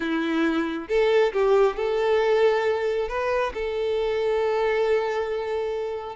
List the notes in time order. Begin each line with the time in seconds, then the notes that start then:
0.00 E4
0.88 A4
1.32 G4
1.76 A4
3.08 B4
3.54 A4